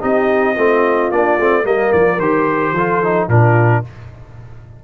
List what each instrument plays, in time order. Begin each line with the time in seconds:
0.00 tuba C4, trombone D#4, horn G4, trumpet D#5
0.54 tuba A3, trombone C4, horn F4
1.11 tuba A#3, trombone D4, trumpet D5
1.39 tuba A3, trombone C4
1.63 tuba G3, trombone A#3, horn A#4, trumpet D#5
1.92 tuba F3, trumpet D5
2.19 tuba D#3, trombone G4, trumpet C5
2.72 tuba F3, trombone F4, horn A4
3.03 trombone D#4
3.27 tuba A#2, trombone D4, horn F4, trumpet A#4